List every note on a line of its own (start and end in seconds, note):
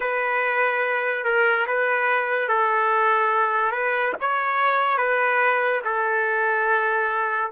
0.00 1.24 B4
1.24 1.66 A#4
1.66 2.48 B4
2.48 3.71 A4
3.71 4.13 B4
4.20 4.97 C#5
4.97 5.81 B4
5.84 7.50 A4